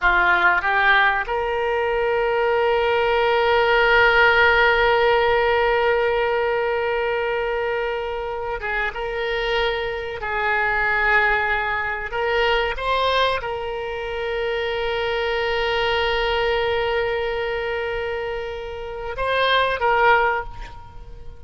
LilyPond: \new Staff \with { instrumentName = "oboe" } { \time 4/4 \tempo 4 = 94 f'4 g'4 ais'2~ | ais'1~ | ais'1~ | ais'4. gis'8 ais'2 |
gis'2. ais'4 | c''4 ais'2.~ | ais'1~ | ais'2 c''4 ais'4 | }